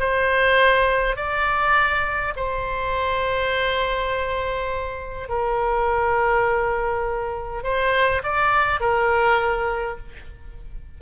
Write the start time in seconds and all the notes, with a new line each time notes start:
0.00 C5
1.16 D5
2.36 C5
5.29 A#4
7.64 C5
8.24 D5
8.80 A#4